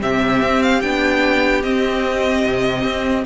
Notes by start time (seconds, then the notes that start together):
0.00 C3 C4 G4 E5
0.42 C4
0.62 F5
0.81 B3 D4 G5
1.62 C4 D#5
2.45 C3
2.84 C4